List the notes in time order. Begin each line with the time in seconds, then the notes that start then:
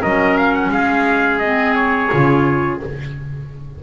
0.00 F#3 C#4 A#4 D#5
0.37 F5
0.53 F#5
0.69 G#3 G#4 F5
1.39 C4 D#5
1.75 C#5
2.10 C#3 F4